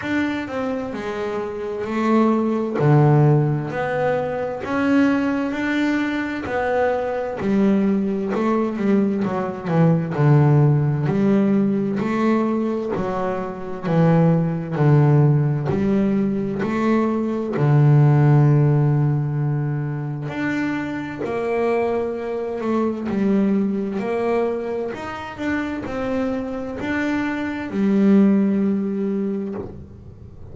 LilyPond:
\new Staff \with { instrumentName = "double bass" } { \time 4/4 \tempo 4 = 65 d'8 c'8 gis4 a4 d4 | b4 cis'4 d'4 b4 | g4 a8 g8 fis8 e8 d4 | g4 a4 fis4 e4 |
d4 g4 a4 d4~ | d2 d'4 ais4~ | ais8 a8 g4 ais4 dis'8 d'8 | c'4 d'4 g2 | }